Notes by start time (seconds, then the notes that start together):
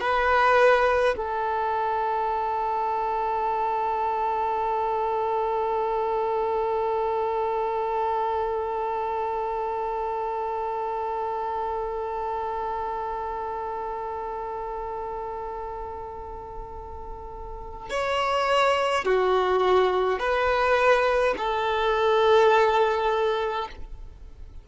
0.00 B4
1.16 A4
17.90 C#5
19.04 F#4
20.19 B4
21.37 A4